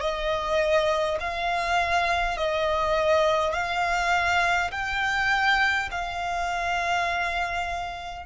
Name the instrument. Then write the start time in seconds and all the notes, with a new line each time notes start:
violin
0.00 D#5
1.20 F5
2.37 D#5
3.53 F5
4.71 G5
5.91 F5